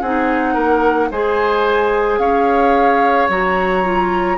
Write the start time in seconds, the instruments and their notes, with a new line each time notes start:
0.00 bassoon C4, clarinet D#4, oboe G#4, flute F#5
0.53 bassoon A#3, oboe A#4
1.10 bassoon G#3, clarinet G#4, oboe C5, flute G#5
2.18 bassoon C#4, oboe C#5, flute F5
3.28 bassoon F#3, clarinet F#4, flute A#5
3.83 clarinet F4